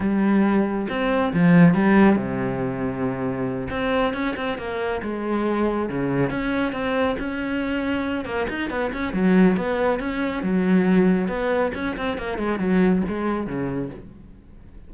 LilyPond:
\new Staff \with { instrumentName = "cello" } { \time 4/4 \tempo 4 = 138 g2 c'4 f4 | g4 c2.~ | c8 c'4 cis'8 c'8 ais4 gis8~ | gis4. cis4 cis'4 c'8~ |
c'8 cis'2~ cis'8 ais8 dis'8 | b8 cis'8 fis4 b4 cis'4 | fis2 b4 cis'8 c'8 | ais8 gis8 fis4 gis4 cis4 | }